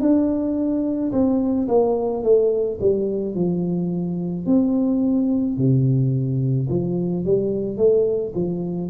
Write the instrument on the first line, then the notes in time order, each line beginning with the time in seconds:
tuba
0.00 D4
1.12 C4
1.68 A#3
2.23 A3
2.80 G3
3.34 F3
4.45 C4
5.57 C3
6.69 F3
7.24 G3
7.77 A3
8.34 F3